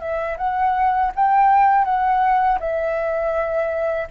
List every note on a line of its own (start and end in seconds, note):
0.00 0.37 E5
0.37 1.11 F#5
1.15 1.84 G5
1.84 2.58 F#5
2.60 4.08 E5